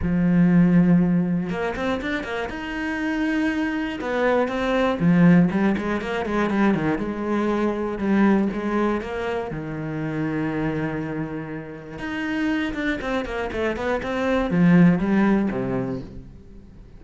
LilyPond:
\new Staff \with { instrumentName = "cello" } { \time 4/4 \tempo 4 = 120 f2. ais8 c'8 | d'8 ais8 dis'2. | b4 c'4 f4 g8 gis8 | ais8 gis8 g8 dis8 gis2 |
g4 gis4 ais4 dis4~ | dis1 | dis'4. d'8 c'8 ais8 a8 b8 | c'4 f4 g4 c4 | }